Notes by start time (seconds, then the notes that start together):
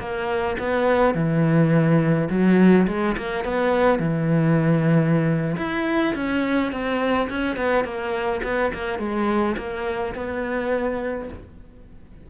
0.00 A#3
0.59 B3
1.15 E3
2.30 F#3
2.88 G#3
3.17 A#3
3.45 B3
3.99 E3
5.58 E4
6.15 C#4
6.72 C4
7.30 C#4
7.57 B3
7.85 A#3
8.43 B3
8.74 A#3
8.99 G#3
9.58 A#3
10.15 B3